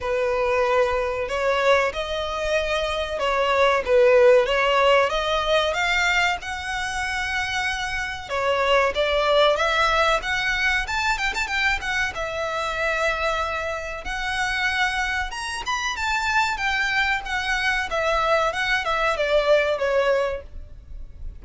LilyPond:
\new Staff \with { instrumentName = "violin" } { \time 4/4 \tempo 4 = 94 b'2 cis''4 dis''4~ | dis''4 cis''4 b'4 cis''4 | dis''4 f''4 fis''2~ | fis''4 cis''4 d''4 e''4 |
fis''4 a''8 g''16 a''16 g''8 fis''8 e''4~ | e''2 fis''2 | ais''8 b''8 a''4 g''4 fis''4 | e''4 fis''8 e''8 d''4 cis''4 | }